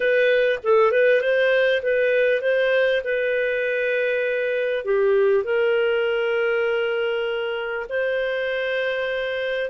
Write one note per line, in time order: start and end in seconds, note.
0.00 0.59 B4
0.63 0.91 A4
0.91 1.21 B4
1.21 1.81 C5
1.82 2.41 B4
2.41 3.01 C5
3.04 4.85 B4
4.85 5.44 G4
5.44 7.86 A#4
7.89 9.69 C5